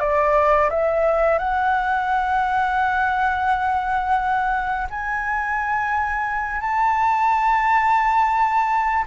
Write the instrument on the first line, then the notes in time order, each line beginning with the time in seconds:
flute
0.00 D5
0.70 E5
1.38 F#5
4.90 G#5
6.61 A5